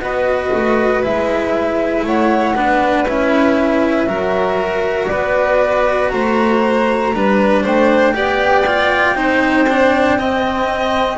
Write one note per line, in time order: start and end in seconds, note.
0.00 0.51 B3
0.00 1.03 F#4
0.00 2.06 B4
0.00 1.03 D#5
0.54 1.05 A3
1.03 2.03 G#3
1.03 2.56 E4
1.03 2.06 E5
2.03 2.54 A3
2.03 2.57 C#5
2.03 3.08 F#5
2.55 3.06 B3
2.55 3.06 D4
2.55 4.08 B4
3.07 4.07 C#4
3.07 4.08 E4
3.07 5.07 E5
4.07 5.09 F#3
4.07 7.13 F#4
4.07 5.10 A#4
5.07 6.12 B3
5.07 6.11 B4
5.07 6.09 D5
6.09 7.14 A3
6.09 7.14 C5
6.09 7.62 A#5
7.14 7.65 G3
7.14 8.14 D4
7.14 7.63 B4
7.63 8.15 A3
7.63 8.14 C5
7.63 11.18 G5
8.14 9.14 B3
8.14 8.64 G4
8.14 9.17 D5
8.67 9.16 F4
9.14 11.17 C4
9.14 9.67 D#4
9.14 10.18 C5
9.69 10.19 D4
10.19 11.18 C4
10.19 11.18 D#5